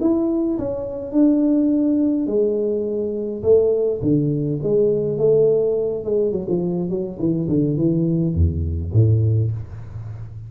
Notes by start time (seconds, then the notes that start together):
0.00 E4
0.58 C#4
1.12 D4
2.27 G#3
3.42 A3
4.01 D3
4.63 G#3
5.18 A3
6.04 G#3
6.32 F#3
6.48 F3
6.89 F#3
7.19 E3
7.48 D3
7.76 E3
8.34 E2
8.93 A2